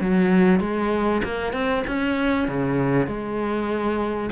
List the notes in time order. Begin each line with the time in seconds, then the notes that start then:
0.00 F#3
0.60 G#3
1.24 A#3
1.52 C4
1.87 C#4
2.47 C#3
3.06 G#3